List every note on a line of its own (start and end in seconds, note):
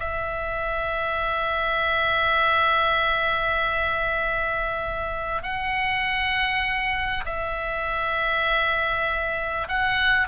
0.00 5.43 E5
5.43 7.25 F#5
7.26 9.68 E5
9.68 10.28 F#5